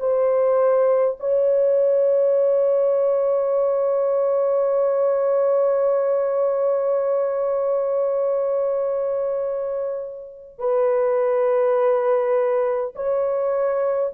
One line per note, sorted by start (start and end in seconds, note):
0.00 1.18 C5
1.20 10.59 C#5
10.59 12.94 B4
12.96 14.13 C#5